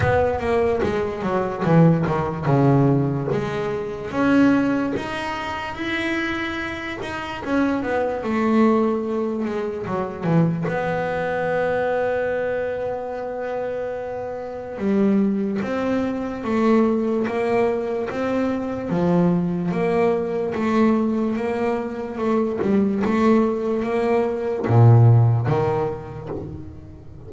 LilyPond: \new Staff \with { instrumentName = "double bass" } { \time 4/4 \tempo 4 = 73 b8 ais8 gis8 fis8 e8 dis8 cis4 | gis4 cis'4 dis'4 e'4~ | e'8 dis'8 cis'8 b8 a4. gis8 | fis8 e8 b2.~ |
b2 g4 c'4 | a4 ais4 c'4 f4 | ais4 a4 ais4 a8 g8 | a4 ais4 ais,4 dis4 | }